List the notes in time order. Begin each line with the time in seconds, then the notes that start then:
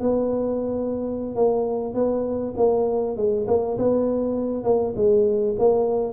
0.00 B3
1.35 A#3
1.94 B3
2.56 A#3
3.16 G#3
3.47 A#3
3.77 B3
4.63 A#3
4.95 G#3
5.58 A#3